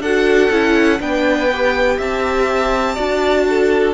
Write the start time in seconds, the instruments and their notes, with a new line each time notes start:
0.00 cello D4, viola F#4, violin A4 F#5
0.51 cello C#4, viola E4
1.00 cello B3, viola D4, violin B4 G5
1.52 viola G4
1.97 cello C4, violin E5 A5
2.95 cello D4, viola F#4, violin D5
3.49 violin A4